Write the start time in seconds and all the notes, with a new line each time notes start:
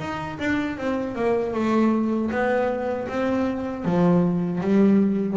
0.00 D#4
0.40 D4
0.78 C4
1.16 A#3
1.54 A3
2.31 B3
3.08 C4
3.85 F3
4.61 G3